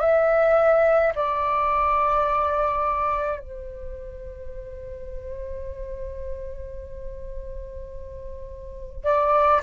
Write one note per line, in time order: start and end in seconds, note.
0.00 1.13 E5
1.16 3.40 D5
3.40 9.05 C5
9.05 9.61 D5